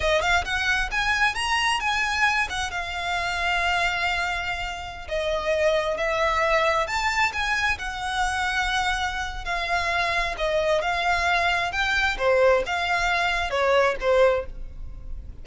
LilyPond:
\new Staff \with { instrumentName = "violin" } { \time 4/4 \tempo 4 = 133 dis''8 f''8 fis''4 gis''4 ais''4 | gis''4. fis''8 f''2~ | f''2.~ f''16 dis''8.~ | dis''4~ dis''16 e''2 a''8.~ |
a''16 gis''4 fis''2~ fis''8.~ | fis''4 f''2 dis''4 | f''2 g''4 c''4 | f''2 cis''4 c''4 | }